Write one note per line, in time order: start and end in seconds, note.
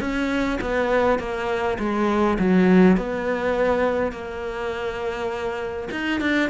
0.00 0.59 C#4
0.61 1.19 B3
1.19 1.78 A#3
1.79 2.37 G#3
2.39 2.97 F#3
2.97 4.12 B3
4.12 5.88 A#3
5.91 6.20 D#4
6.20 6.49 D4